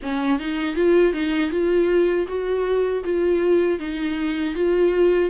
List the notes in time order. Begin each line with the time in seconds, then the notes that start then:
0.02 C#4
0.39 D#4
0.75 F4
1.13 D#4
1.50 F4
2.27 F#4
3.04 F4
3.79 D#4
4.54 F4